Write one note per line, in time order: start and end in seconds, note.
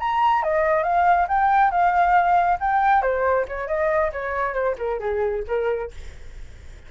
0.00 0.43 A#5
0.43 0.84 D#5
0.84 1.27 F5
1.28 1.71 G5
1.71 2.59 F5
2.60 3.02 G5
3.02 3.46 C5
3.49 3.68 C#5
3.68 4.12 D#5
4.13 4.54 C#5
4.54 4.76 C5
4.78 5.00 A#4
5.00 5.44 G#4
5.48 5.92 A#4